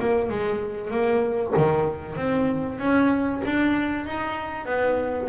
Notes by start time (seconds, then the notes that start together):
0.00 A#3
0.30 G#3
0.91 A#3
1.57 D#3
2.16 C4
2.79 C#4
3.45 D4
4.06 D#4
4.66 B3